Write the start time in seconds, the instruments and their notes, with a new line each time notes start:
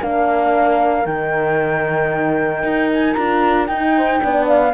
0.00 cello A#3, horn D4 A#4, flute F5
1.04 cello D#3, horn D#4, flute G5
2.63 cello D#4
2.93 flute G#5
3.13 cello D4, horn F4, flute A#5
3.66 cello D#4, horn D#4, flute G5
3.97 horn C5
4.19 cello B3, horn D4 D5
4.48 flute F5